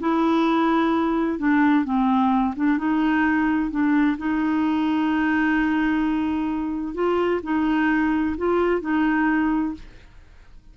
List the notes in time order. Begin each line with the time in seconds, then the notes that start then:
0.00 E4
1.39 D4
1.85 C4
2.56 D4
2.78 D#4
3.71 D4
4.18 D#4
6.95 F4
7.44 D#4
8.38 F4
8.82 D#4